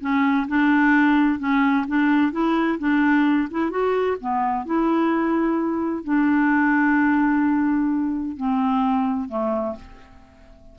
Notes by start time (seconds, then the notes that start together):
0.00 C#4
0.48 D4
1.39 C#4
1.87 D4
2.32 E4
2.78 D4
3.51 E4
3.70 F#4
4.20 B3
4.65 E4
6.04 D4
8.36 C4
9.29 A3